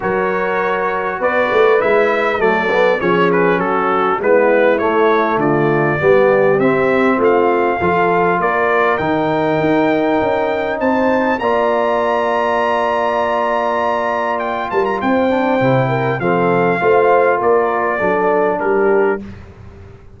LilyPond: <<
  \new Staff \with { instrumentName = "trumpet" } { \time 4/4 \tempo 4 = 100 cis''2 d''4 e''4 | d''4 cis''8 b'8 a'4 b'4 | cis''4 d''2 e''4 | f''2 d''4 g''4~ |
g''2 a''4 ais''4~ | ais''1 | g''8 a''16 ais''16 g''2 f''4~ | f''4 d''2 ais'4 | }
  \new Staff \with { instrumentName = "horn" } { \time 4/4 ais'2 b'2 | a'4 gis'4 fis'4 e'4~ | e'4 f'4 g'2 | f'4 a'4 ais'2~ |
ais'2 c''4 d''4~ | d''1~ | d''8 ais'8 c''4. ais'8 a'4 | c''4 ais'4 a'4 g'4 | }
  \new Staff \with { instrumentName = "trombone" } { \time 4/4 fis'2. e'4 | a8 b8 cis'2 b4 | a2 b4 c'4~ | c'4 f'2 dis'4~ |
dis'2. f'4~ | f'1~ | f'4. d'8 e'4 c'4 | f'2 d'2 | }
  \new Staff \with { instrumentName = "tuba" } { \time 4/4 fis2 b8 a8 gis4 | fis4 f4 fis4 gis4 | a4 d4 g4 c'4 | a4 f4 ais4 dis4 |
dis'4 cis'4 c'4 ais4~ | ais1~ | ais8 g8 c'4 c4 f4 | a4 ais4 fis4 g4 | }
>>